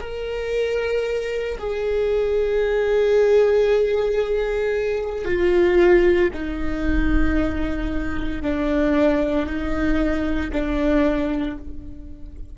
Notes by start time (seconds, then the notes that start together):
0.00 A#4
1.58 G#4
5.25 F4
6.33 D#4
8.42 D4
9.46 D#4
10.52 D4